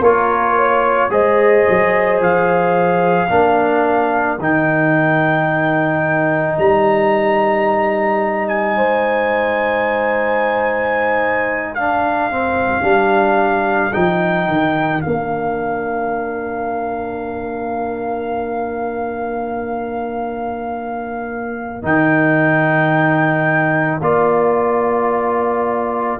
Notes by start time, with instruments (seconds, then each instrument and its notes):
0.00 tuba A#3, trombone F4, horn A#4, trumpet C#5
0.56 horn C#5
1.10 tuba G#3, trombone G#4, horn C5, trumpet D#5
1.70 tuba F#3
2.20 tuba F3, trumpet F5
3.30 tuba A#3, trombone D4, horn A#4
4.39 tuba D#3, trombone D#4, trumpet G5
6.58 tuba G3, trumpet A#5
8.48 trumpet G#5
8.76 tuba G#3, horn C5
11.73 trombone D4, horn A#4, trumpet F5
12.31 trombone C4
12.82 tuba G3, trombone D4
13.93 tuba F3, trombone D#4, trumpet G5
14.47 tuba D#3
15.01 tuba A#3, trombone D4, trumpet F5
21.83 tuba D#3, trombone D#4, trumpet G5
24.00 tuba A#3, trombone F4, trumpet D5